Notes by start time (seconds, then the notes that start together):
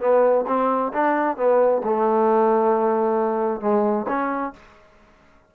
0.00 B3
0.47 C4
0.93 D4
1.37 B3
1.83 A3
3.60 G#3
4.08 C#4